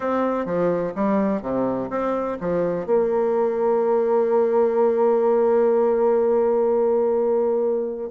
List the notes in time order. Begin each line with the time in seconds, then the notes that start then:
0.00 C4
0.45 F3
0.95 G3
1.42 C3
1.90 C4
2.40 F3
2.86 A#3